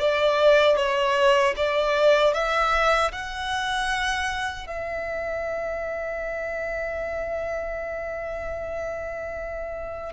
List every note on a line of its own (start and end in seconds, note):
0.00 0.77 D5
0.77 1.54 C#5
1.57 2.34 D5
2.34 3.12 E5
3.12 4.67 F#5
4.67 10.12 E5